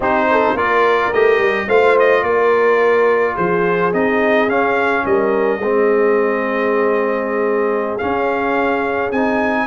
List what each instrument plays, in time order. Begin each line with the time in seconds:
0.00 tuba C4, trombone D#4, horn G4, trumpet C5
0.31 horn A4
0.54 tuba A#3, trombone F4, horn A#4, trumpet D5
1.13 tuba A3, trombone G4, trumpet D#5
1.38 tuba G3
1.67 tuba A3, trombone F4, horn C5, trumpet F5
1.99 trumpet D#5
2.22 tuba A#3, horn A#4, trumpet D5
3.34 tuba F3, horn G#4, trumpet C5
3.93 tuba C4, trombone D#4, trumpet D#5
4.47 tuba C#4, trombone C#4, trumpet F5
5.04 tuba G3, horn A#4, trumpet D#5
5.58 tuba G#3, trombone C4, horn G#4
7.98 trombone C#4, tuba C#4, trumpet F5
9.11 tuba C4, trombone D#4, trumpet G#5